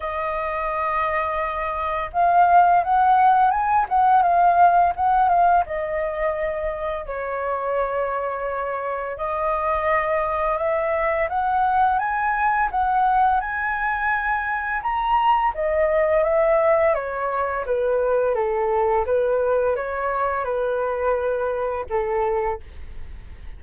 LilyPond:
\new Staff \with { instrumentName = "flute" } { \time 4/4 \tempo 4 = 85 dis''2. f''4 | fis''4 gis''8 fis''8 f''4 fis''8 f''8 | dis''2 cis''2~ | cis''4 dis''2 e''4 |
fis''4 gis''4 fis''4 gis''4~ | gis''4 ais''4 dis''4 e''4 | cis''4 b'4 a'4 b'4 | cis''4 b'2 a'4 | }